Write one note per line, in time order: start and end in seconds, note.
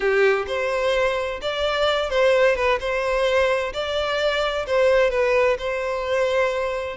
0.00 0.45 G4
0.47 1.40 C5
1.41 2.10 D5
2.10 2.55 C5
2.55 2.78 B4
2.79 3.73 C5
3.73 4.66 D5
4.66 5.10 C5
5.10 5.57 B4
5.58 6.96 C5